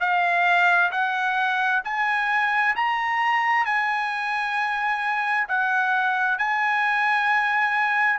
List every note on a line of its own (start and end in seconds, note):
0.00 0.91 F5
0.91 1.82 F#5
1.84 2.75 G#5
2.76 3.66 A#5
3.66 5.48 G#5
5.48 6.38 F#5
6.38 8.19 G#5